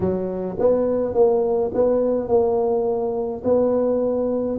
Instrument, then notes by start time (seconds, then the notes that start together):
tuba
0.00 F#3
0.59 B3
1.14 A#3
1.74 B3
2.28 A#3
3.44 B3